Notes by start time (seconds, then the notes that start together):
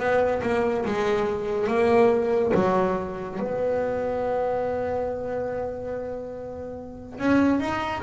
0.00 B3
0.43 A#3
0.86 G#3
1.68 A#3
2.55 F#3
3.40 B3
7.19 C#4
7.60 D#4